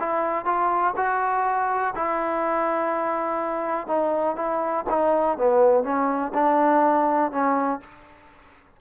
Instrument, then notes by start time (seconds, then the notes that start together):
trombone
0.00 E4
0.45 F4
0.97 F#4
1.96 E4
3.88 D#4
4.37 E4
4.90 D#4
5.38 B3
5.84 C#4
6.34 D4
7.32 C#4